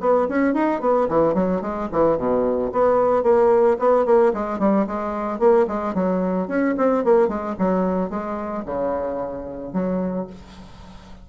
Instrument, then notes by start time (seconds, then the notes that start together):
bassoon
0.00 B3
0.29 C#4
0.54 D#4
0.81 B3
1.08 E3
1.34 F#3
1.61 G#3
1.92 E3
2.17 B2
2.72 B3
3.23 A#3
3.79 B3
4.05 A#3
4.33 G#3
4.59 G3
4.87 G#3
5.39 A#3
5.68 G#3
5.94 F#3
6.48 C#4
6.77 C4
7.04 A#3
7.28 G#3
7.59 F#3
8.10 G#3
8.65 C#3
9.73 F#3